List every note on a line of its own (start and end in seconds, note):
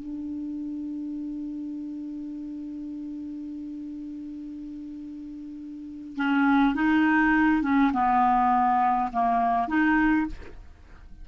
0.00 6.17 D4
6.17 6.75 C#4
6.75 7.62 D#4
7.62 7.92 C#4
7.93 9.11 B3
9.13 9.68 A#3
9.68 10.27 D#4